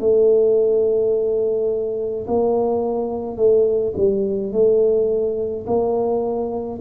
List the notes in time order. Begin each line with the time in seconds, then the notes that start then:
0.00 A3
2.27 A#3
3.37 A3
3.97 G3
4.52 A3
5.67 A#3